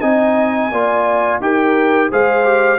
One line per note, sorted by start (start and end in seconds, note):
0.00 0.71 C4
0.00 0.71 D#4
0.00 0.70 D#5
0.00 1.40 G#5
0.71 1.40 A#3
0.71 1.41 F4
0.71 1.41 D5
1.40 2.09 D#4
1.40 2.11 G4
1.40 2.10 A#4
1.40 2.11 G5
2.10 2.78 G#3
2.10 2.43 G#4
2.10 2.78 C5
2.10 2.78 F5
2.43 2.78 G4